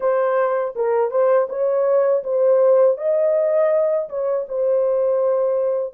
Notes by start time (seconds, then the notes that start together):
0.00 C5
0.75 A#4
1.10 C5
1.49 C#5
2.23 C5
2.97 D#5
4.09 C#5
4.48 C5